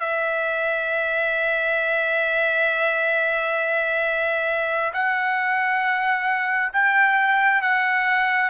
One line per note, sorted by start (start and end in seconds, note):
0.00 4.93 E5
4.94 6.73 F#5
6.73 7.62 G5
7.62 8.50 F#5